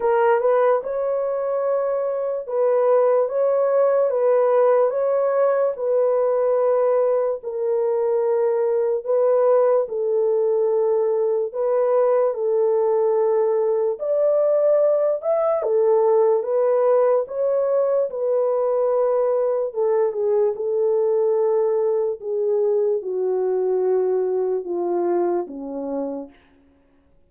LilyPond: \new Staff \with { instrumentName = "horn" } { \time 4/4 \tempo 4 = 73 ais'8 b'8 cis''2 b'4 | cis''4 b'4 cis''4 b'4~ | b'4 ais'2 b'4 | a'2 b'4 a'4~ |
a'4 d''4. e''8 a'4 | b'4 cis''4 b'2 | a'8 gis'8 a'2 gis'4 | fis'2 f'4 cis'4 | }